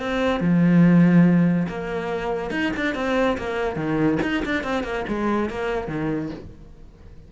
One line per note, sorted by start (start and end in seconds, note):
0.00 0.41 C4
0.41 1.67 F3
1.68 2.51 A#3
2.51 2.72 D#4
2.77 2.95 D4
2.95 3.37 C4
3.38 3.76 A#3
3.76 4.18 D#3
4.23 4.44 D#4
4.45 4.64 D4
4.64 4.84 C4
4.84 5.05 A#3
5.08 5.50 G#3
5.50 5.88 A#3
5.88 6.30 D#3